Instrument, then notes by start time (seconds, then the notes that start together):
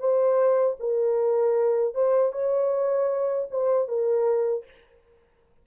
horn
0.00 C5
0.80 A#4
1.95 C5
2.33 C#5
3.51 C5
3.88 A#4